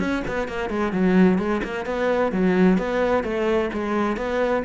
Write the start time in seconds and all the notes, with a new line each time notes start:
0.00 C#4
0.28 B3
0.48 A#3
0.70 G#3
0.93 F#3
1.39 G#3
1.64 A#3
1.86 B3
2.32 F#3
2.78 B3
3.24 A3
3.74 G#3
4.17 B3